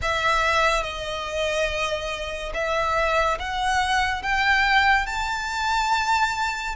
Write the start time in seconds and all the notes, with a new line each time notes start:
0.02 E5
0.83 D#5
2.54 E5
3.39 F#5
4.22 G5
5.06 A5